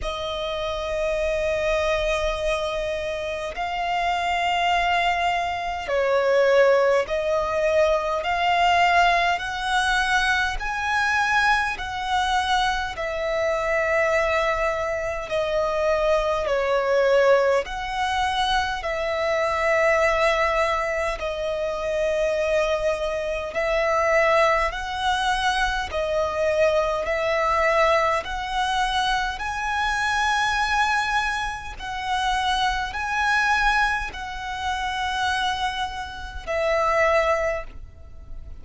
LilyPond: \new Staff \with { instrumentName = "violin" } { \time 4/4 \tempo 4 = 51 dis''2. f''4~ | f''4 cis''4 dis''4 f''4 | fis''4 gis''4 fis''4 e''4~ | e''4 dis''4 cis''4 fis''4 |
e''2 dis''2 | e''4 fis''4 dis''4 e''4 | fis''4 gis''2 fis''4 | gis''4 fis''2 e''4 | }